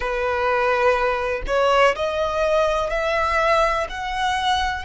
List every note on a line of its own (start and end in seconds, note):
0.00 1.42 B4
1.46 1.95 C#5
1.95 2.90 D#5
2.90 3.87 E5
3.89 4.85 F#5